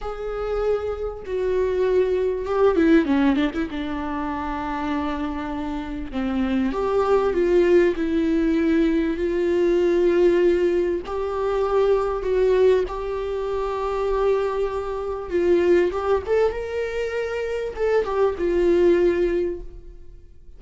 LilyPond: \new Staff \with { instrumentName = "viola" } { \time 4/4 \tempo 4 = 98 gis'2 fis'2 | g'8 e'8 cis'8 d'16 e'16 d'2~ | d'2 c'4 g'4 | f'4 e'2 f'4~ |
f'2 g'2 | fis'4 g'2.~ | g'4 f'4 g'8 a'8 ais'4~ | ais'4 a'8 g'8 f'2 | }